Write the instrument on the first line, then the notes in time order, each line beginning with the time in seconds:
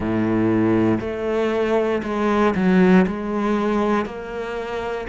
cello
0.00 A2
1.00 A3
2.03 G#3
2.55 F#3
3.06 G#3
4.05 A#3